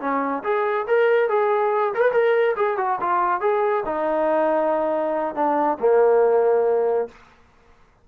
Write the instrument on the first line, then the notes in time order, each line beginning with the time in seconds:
trombone
0.00 C#4
0.43 G#4
0.87 A#4
1.29 G#4
1.94 A#4
2.00 B4
2.12 A#4
2.56 G#4
2.77 F#4
3.00 F4
3.41 G#4
3.85 D#4
5.35 D4
5.79 A#3